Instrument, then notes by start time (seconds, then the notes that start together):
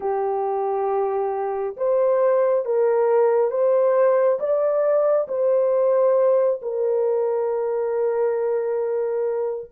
horn
0.00 G4
1.76 C5
2.65 A#4
3.51 C5
4.39 D5
5.28 C5
6.62 A#4